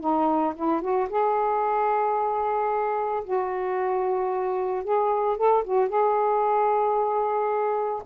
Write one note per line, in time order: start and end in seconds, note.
0.00 0.54 D#4
0.55 0.81 E4
0.81 1.08 F#4
1.09 3.23 G#4
3.24 4.84 F#4
4.84 5.37 G#4
5.37 5.63 A4
5.64 5.88 F#4
5.88 8.02 G#4